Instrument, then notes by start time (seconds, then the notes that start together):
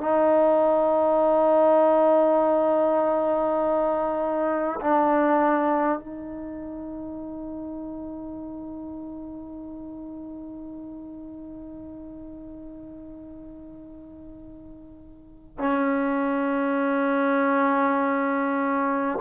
trombone
0.00 D#4
4.81 D4
5.99 D#4
15.58 C#4